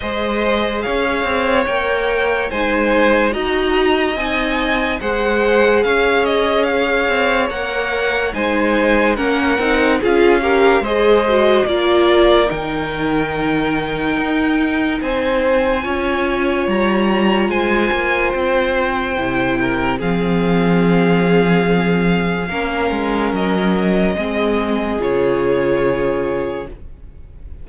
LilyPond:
<<
  \new Staff \with { instrumentName = "violin" } { \time 4/4 \tempo 4 = 72 dis''4 f''4 g''4 gis''4 | ais''4 gis''4 fis''4 f''8 dis''8 | f''4 fis''4 gis''4 fis''4 | f''4 dis''4 d''4 g''4~ |
g''2 gis''2 | ais''4 gis''4 g''2 | f''1 | dis''2 cis''2 | }
  \new Staff \with { instrumentName = "violin" } { \time 4/4 c''4 cis''2 c''4 | dis''2 c''4 cis''4~ | cis''2 c''4 ais'4 | gis'8 ais'8 c''4 ais'2~ |
ais'2 c''4 cis''4~ | cis''4 c''2~ c''8 ais'8 | gis'2. ais'4~ | ais'4 gis'2. | }
  \new Staff \with { instrumentName = "viola" } { \time 4/4 gis'2 ais'4 dis'4 | fis'4 dis'4 gis'2~ | gis'4 ais'4 dis'4 cis'8 dis'8 | f'8 g'8 gis'8 fis'8 f'4 dis'4~ |
dis'2. f'4~ | f'2. e'4 | c'2. cis'4~ | cis'4 c'4 f'2 | }
  \new Staff \with { instrumentName = "cello" } { \time 4/4 gis4 cis'8 c'8 ais4 gis4 | dis'4 c'4 gis4 cis'4~ | cis'8 c'8 ais4 gis4 ais8 c'8 | cis'4 gis4 ais4 dis4~ |
dis4 dis'4 c'4 cis'4 | g4 gis8 ais8 c'4 c4 | f2. ais8 gis8 | fis4 gis4 cis2 | }
>>